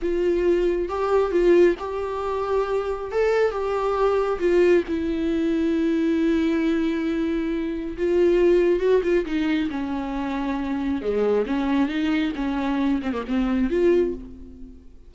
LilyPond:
\new Staff \with { instrumentName = "viola" } { \time 4/4 \tempo 4 = 136 f'2 g'4 f'4 | g'2. a'4 | g'2 f'4 e'4~ | e'1~ |
e'2 f'2 | fis'8 f'8 dis'4 cis'2~ | cis'4 gis4 cis'4 dis'4 | cis'4. c'16 ais16 c'4 f'4 | }